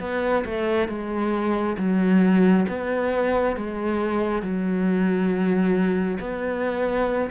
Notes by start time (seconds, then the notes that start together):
0.00 B3
0.45 A3
0.88 G#3
1.78 F#3
2.68 B3
3.57 G#3
4.42 F#3
6.20 B3